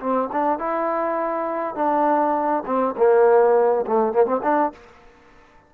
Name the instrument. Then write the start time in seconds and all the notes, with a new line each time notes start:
trombone
0.00 C4
0.32 D4
0.59 E4
1.75 D4
2.66 C4
2.97 A#3
3.87 A3
4.13 A#3
4.26 C4
4.43 D4